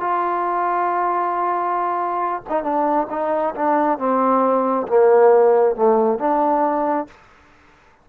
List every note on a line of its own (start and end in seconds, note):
0.00 2.43 F4
2.49 2.64 D#4
2.64 3.08 D4
3.10 3.55 D#4
3.56 3.99 D4
3.99 4.87 C4
4.88 5.76 A#3
5.76 6.19 A3
6.19 7.07 D4